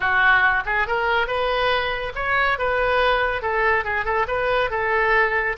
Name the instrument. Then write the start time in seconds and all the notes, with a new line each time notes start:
oboe
0.00 F#4
0.65 G#4
0.87 A#4
1.27 B4
2.15 C#5
2.58 B4
3.41 A4
3.84 G#4
4.04 A4
4.27 B4
4.70 A4